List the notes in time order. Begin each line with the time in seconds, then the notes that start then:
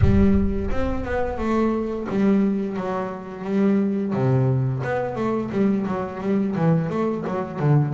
0.01 G3
0.70 C4
1.04 B3
1.38 A3
2.09 G3
2.76 F#3
3.44 G3
4.13 C3
4.83 B3
5.15 A3
5.51 G3
5.86 F#3
6.20 G3
6.55 E3
6.89 A3
7.26 F#3
7.59 D3